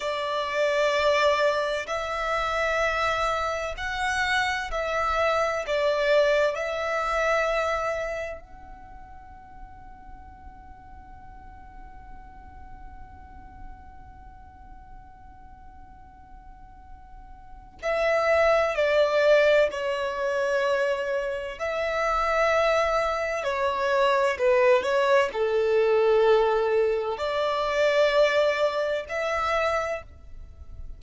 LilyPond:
\new Staff \with { instrumentName = "violin" } { \time 4/4 \tempo 4 = 64 d''2 e''2 | fis''4 e''4 d''4 e''4~ | e''4 fis''2.~ | fis''1~ |
fis''2. e''4 | d''4 cis''2 e''4~ | e''4 cis''4 b'8 cis''8 a'4~ | a'4 d''2 e''4 | }